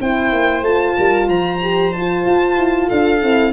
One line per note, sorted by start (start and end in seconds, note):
0.00 0.32 C4
0.00 0.64 E4
0.00 0.96 C5
0.00 0.64 G5
0.32 0.62 A#3
0.62 0.94 A3
0.62 1.60 F4
0.62 1.29 A5
0.96 1.28 G3
0.96 1.28 A#4
1.28 2.25 F3
1.28 2.88 C5
1.28 1.93 A#5
1.61 1.94 G4
1.93 3.21 F4
1.93 2.89 A5
2.25 2.57 F4
2.57 2.90 E4
2.88 3.23 D4
2.88 3.52 A4
2.88 3.53 F5
3.21 3.53 C4
3.21 3.53 E4